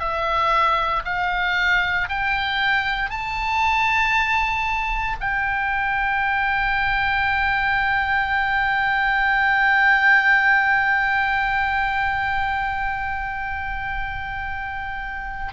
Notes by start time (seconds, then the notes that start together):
0.00 E5
1.05 F5
2.09 G5
3.10 A5
5.21 G5